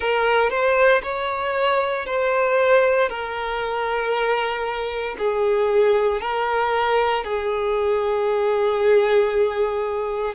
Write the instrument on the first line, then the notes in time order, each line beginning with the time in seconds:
violin
0.00 A#4
0.49 C5
1.03 C#5
2.05 C5
3.08 A#4
5.18 G#4
6.21 A#4
7.24 G#4